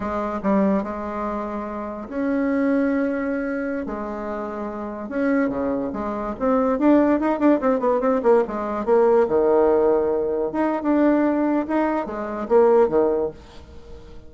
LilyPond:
\new Staff \with { instrumentName = "bassoon" } { \time 4/4 \tempo 4 = 144 gis4 g4 gis2~ | gis4 cis'2.~ | cis'4~ cis'16 gis2~ gis8.~ | gis16 cis'4 cis4 gis4 c'8.~ |
c'16 d'4 dis'8 d'8 c'8 b8 c'8 ais16~ | ais16 gis4 ais4 dis4.~ dis16~ | dis4~ dis16 dis'8. d'2 | dis'4 gis4 ais4 dis4 | }